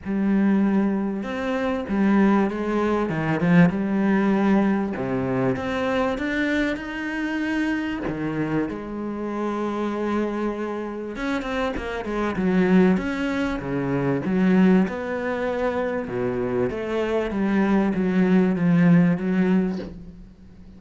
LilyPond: \new Staff \with { instrumentName = "cello" } { \time 4/4 \tempo 4 = 97 g2 c'4 g4 | gis4 dis8 f8 g2 | c4 c'4 d'4 dis'4~ | dis'4 dis4 gis2~ |
gis2 cis'8 c'8 ais8 gis8 | fis4 cis'4 cis4 fis4 | b2 b,4 a4 | g4 fis4 f4 fis4 | }